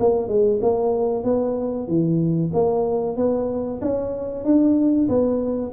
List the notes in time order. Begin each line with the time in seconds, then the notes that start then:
0.00 A#3
0.28 G#3
0.62 A#3
1.24 B3
1.88 E3
2.54 A#3
3.17 B3
3.82 C#4
4.45 D4
5.09 B3